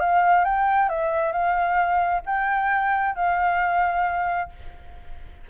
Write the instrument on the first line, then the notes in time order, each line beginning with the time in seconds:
flute
0.00 F5
0.45 G5
0.89 E5
1.32 F5
2.26 G5
3.15 F5